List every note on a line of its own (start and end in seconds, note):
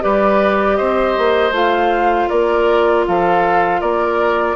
0.00 0.79 G3
0.00 1.52 G4
0.00 0.77 B4
0.00 0.76 D5
0.76 1.17 C4
0.76 2.29 C5
0.76 1.52 D#5
1.17 1.51 A#3
1.51 2.27 A3
1.51 4.56 F4
1.51 2.29 F5
2.29 3.07 A#3
2.29 3.05 A#4
2.29 3.05 D5
3.06 3.82 F3
3.06 3.81 A4
3.06 3.80 F5
3.80 4.56 A#3
3.80 4.56 A#4
3.80 4.56 D5